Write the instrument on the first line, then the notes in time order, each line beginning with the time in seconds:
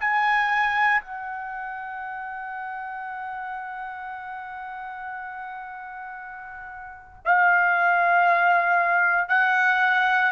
trumpet
0.00 G#5
1.02 F#5
7.25 F5
9.29 F#5